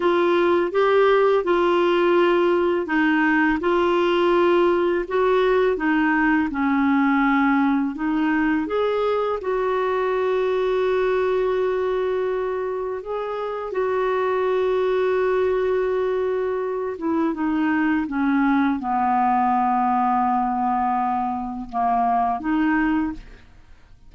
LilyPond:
\new Staff \with { instrumentName = "clarinet" } { \time 4/4 \tempo 4 = 83 f'4 g'4 f'2 | dis'4 f'2 fis'4 | dis'4 cis'2 dis'4 | gis'4 fis'2.~ |
fis'2 gis'4 fis'4~ | fis'2.~ fis'8 e'8 | dis'4 cis'4 b2~ | b2 ais4 dis'4 | }